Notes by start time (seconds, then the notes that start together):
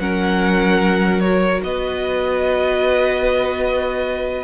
0.00 F#3 C#4 A#4 F#5
1.21 F#4 C#5
1.64 B3 B4 D#5